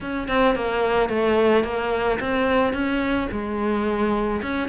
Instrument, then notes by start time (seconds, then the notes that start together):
cello
0.00 C#4
0.28 C4
0.55 A#3
1.09 A3
1.64 A#3
2.20 C4
2.73 C#4
3.31 G#3
4.42 C#4